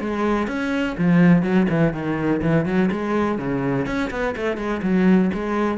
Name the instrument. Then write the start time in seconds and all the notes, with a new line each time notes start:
cello
0.00 G#3
0.47 C#4
0.97 F3
1.42 F#3
1.69 E3
1.93 D#3
2.42 E3
2.65 F#3
2.91 G#3
3.38 C#3
3.86 C#4
4.11 B3
4.36 A3
4.57 G#3
4.82 F#3
5.33 G#3